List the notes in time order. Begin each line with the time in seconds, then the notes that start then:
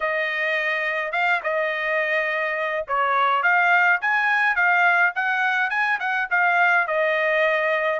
0.00 D#5
1.12 F5
1.43 D#5
2.87 C#5
3.42 F5
4.01 G#5
4.55 F5
5.15 F#5
5.70 G#5
5.99 F#5
6.30 F5
6.87 D#5